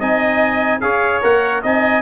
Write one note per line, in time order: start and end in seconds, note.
0.00 0.81 C4
0.00 0.81 D#4
0.00 0.81 D#5
0.00 0.81 G#5
0.81 1.22 C#4
0.81 1.22 G#4
0.81 1.62 C#5
0.81 1.21 F5
1.22 1.64 A#3
1.22 1.63 A#4
1.22 1.64 F#5
1.62 2.02 C4
1.62 2.02 D#4
1.62 2.02 D#5
1.62 2.02 G#5